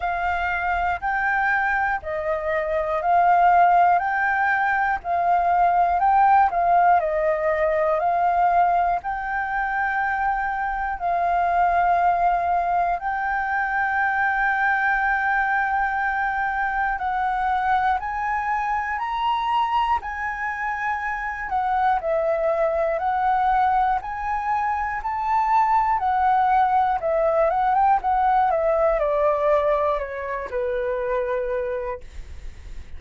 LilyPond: \new Staff \with { instrumentName = "flute" } { \time 4/4 \tempo 4 = 60 f''4 g''4 dis''4 f''4 | g''4 f''4 g''8 f''8 dis''4 | f''4 g''2 f''4~ | f''4 g''2.~ |
g''4 fis''4 gis''4 ais''4 | gis''4. fis''8 e''4 fis''4 | gis''4 a''4 fis''4 e''8 fis''16 g''16 | fis''8 e''8 d''4 cis''8 b'4. | }